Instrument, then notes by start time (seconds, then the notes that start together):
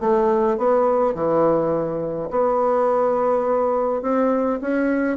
bassoon
0.00 A3
0.57 B3
1.14 E3
2.31 B3
4.02 C4
4.61 C#4